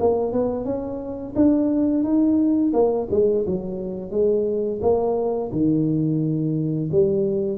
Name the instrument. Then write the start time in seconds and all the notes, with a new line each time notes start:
tuba
0.00 A#3
0.33 B3
0.65 C#4
1.36 D4
2.04 D#4
2.73 A#3
3.11 G#3
3.46 F#3
4.11 G#3
4.82 A#3
5.52 D#3
6.92 G3